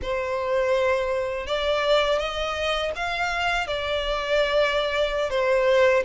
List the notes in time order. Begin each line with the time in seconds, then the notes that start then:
0.02 C5
1.46 D5
2.19 D#5
2.95 F5
3.67 D5
5.30 C5